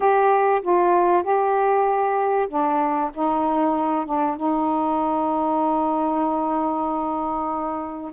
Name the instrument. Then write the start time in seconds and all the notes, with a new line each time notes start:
saxophone
0.00 G4
0.62 F4
1.23 G4
2.48 D4
3.13 D#4
4.05 D4
4.36 D#4